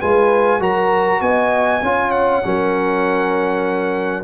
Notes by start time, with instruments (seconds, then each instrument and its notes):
0.00 tuba G#3, trombone F4, horn B4, trumpet G#5
0.60 tuba F#3, trombone F#4, horn A#4, trumpet A#5
1.21 tuba B3, horn D#5, trumpet G#5
1.82 tuba C#4, trombone F4, horn C#5
2.11 trumpet F#5
2.43 tuba F#3, trombone C#4, horn A#4